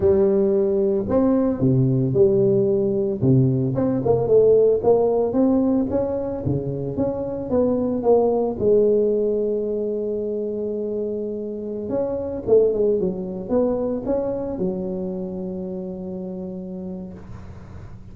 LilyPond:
\new Staff \with { instrumentName = "tuba" } { \time 4/4 \tempo 4 = 112 g2 c'4 c4 | g2 c4 c'8 ais8 | a4 ais4 c'4 cis'4 | cis4 cis'4 b4 ais4 |
gis1~ | gis2~ gis16 cis'4 a8 gis16~ | gis16 fis4 b4 cis'4 fis8.~ | fis1 | }